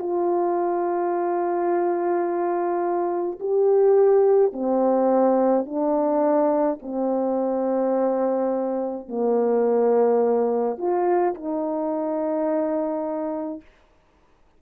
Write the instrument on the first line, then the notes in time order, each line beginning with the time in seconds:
horn
0.00 F4
3.41 G4
4.53 C4
5.66 D4
6.83 C4
9.09 A#3
10.78 F4
11.35 D#4